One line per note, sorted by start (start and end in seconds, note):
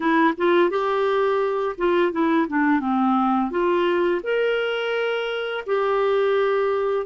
0.00 0.33 E4
0.37 0.70 F4
0.70 1.76 G4
1.77 2.12 F4
2.12 2.47 E4
2.48 2.80 D4
2.80 3.50 C4
3.50 4.21 F4
4.23 5.64 A#4
5.66 7.06 G4